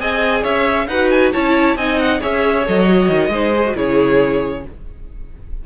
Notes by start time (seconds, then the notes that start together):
0.00 C4 G#4 D#5 G#5
0.43 C#4 C#5 E5
0.88 D#4 F#4 B4 F#5
1.11 G#5
1.33 C#4 E4 C#5 A5
1.76 C4 D#4 D#5 G#5
2.00 F#5
2.21 C#4 G#4 C#5 E5
2.66 F#3 A4 D#5
2.88 F#4
3.10 D#3
3.29 G#3 D#4 C5
3.55 G#4
3.66 F#4
3.75 C#3 E4 G#4 C#5